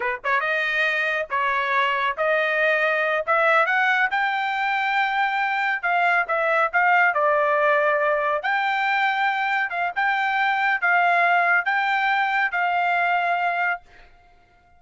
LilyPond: \new Staff \with { instrumentName = "trumpet" } { \time 4/4 \tempo 4 = 139 b'8 cis''8 dis''2 cis''4~ | cis''4 dis''2~ dis''8 e''8~ | e''8 fis''4 g''2~ g''8~ | g''4. f''4 e''4 f''8~ |
f''8 d''2. g''8~ | g''2~ g''8 f''8 g''4~ | g''4 f''2 g''4~ | g''4 f''2. | }